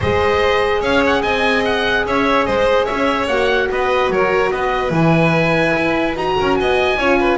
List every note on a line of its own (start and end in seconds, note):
0.00 0.81 G#3
0.00 3.30 G#4
0.00 0.80 C5
0.00 0.83 D#5
0.80 1.22 C#4
0.80 1.21 C#5
0.80 1.03 F5
1.06 1.22 F#5
1.21 2.05 C4
1.21 2.04 D#5
1.21 1.63 G#5
1.65 2.06 F#5
2.05 2.46 C#4
2.05 2.46 C#5
2.05 2.45 E5
2.45 2.88 G#3
2.45 2.85 C5
2.45 2.85 D#5
2.85 3.27 C#4
2.85 3.67 C#5
2.85 3.26 E5
3.27 3.68 A#3
3.27 4.90 F#4
3.27 3.68 F#5
3.70 4.09 B3
3.70 4.12 B4
3.70 4.10 D#5
4.09 4.50 F#3
4.09 4.52 A#4
4.09 4.51 C#5
4.51 4.90 B3
4.51 6.37 B4
4.51 4.92 D#5
4.90 5.72 E3
4.90 6.13 E4
4.90 6.17 G#5
5.75 6.16 E4
6.16 6.36 D#4
6.16 6.98 F#4
6.16 6.56 A#5
6.37 6.60 C#4
6.37 6.58 A#4
6.56 6.96 B3
6.56 6.98 D#5
6.56 7.38 G#5
6.96 7.38 C#4
6.96 7.38 F4
6.96 7.19 C#5
7.19 7.38 B4